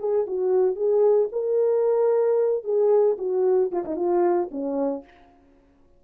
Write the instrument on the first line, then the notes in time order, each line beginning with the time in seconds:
horn
0.00 G#4
0.27 F#4
0.76 G#4
1.33 A#4
2.64 G#4
3.18 F#4
3.72 F4
3.85 D#4
3.97 F4
4.52 C#4